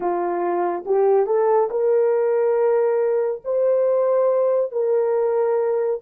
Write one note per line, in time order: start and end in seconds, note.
0.00 0.84 F4
0.85 1.26 G4
1.26 1.69 A4
1.70 3.41 A#4
3.44 4.71 C5
4.71 6.00 A#4